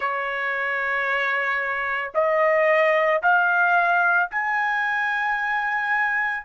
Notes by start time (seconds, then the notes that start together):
0.00 C#5
2.14 D#5
3.22 F5
4.31 G#5